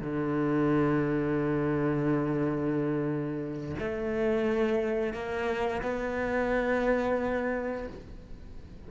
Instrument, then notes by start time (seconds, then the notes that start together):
cello
0.00 D3
3.79 A3
5.13 A#3
5.82 B3